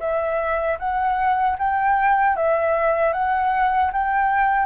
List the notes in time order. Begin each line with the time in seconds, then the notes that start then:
0.00 E5
0.79 F#5
1.59 G5
2.36 E5
3.13 F#5
3.93 G5